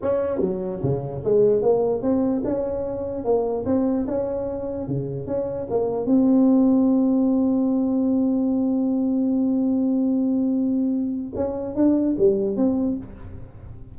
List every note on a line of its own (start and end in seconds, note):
0.01 0.39 C#4
0.39 0.80 F#3
0.82 1.23 C#3
1.24 1.61 G#3
1.61 2.02 A#3
2.02 2.42 C4
2.44 3.24 C#4
3.24 3.64 A#3
3.65 4.06 C4
4.07 4.87 C#4
4.87 5.26 C#3
5.26 5.67 C#4
5.70 6.05 A#3
6.05 11.32 C4
11.35 11.75 C#4
11.75 12.15 D4
12.18 12.56 G3
12.56 12.96 C4